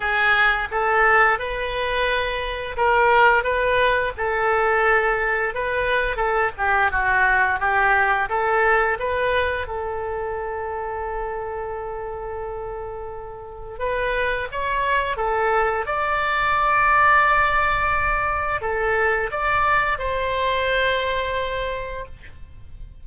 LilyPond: \new Staff \with { instrumentName = "oboe" } { \time 4/4 \tempo 4 = 87 gis'4 a'4 b'2 | ais'4 b'4 a'2 | b'4 a'8 g'8 fis'4 g'4 | a'4 b'4 a'2~ |
a'1 | b'4 cis''4 a'4 d''4~ | d''2. a'4 | d''4 c''2. | }